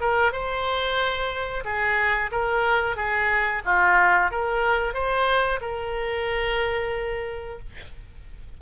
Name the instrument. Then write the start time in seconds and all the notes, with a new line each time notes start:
oboe
0.00 A#4
0.32 C5
1.65 G#4
2.31 A#4
2.96 G#4
3.65 F4
4.31 A#4
4.94 C5
5.61 A#4